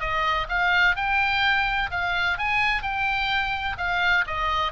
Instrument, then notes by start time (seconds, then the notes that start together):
oboe
0.00 D#5
0.49 F5
0.96 G5
1.90 F5
2.38 G#5
2.82 G5
3.77 F5
4.27 D#5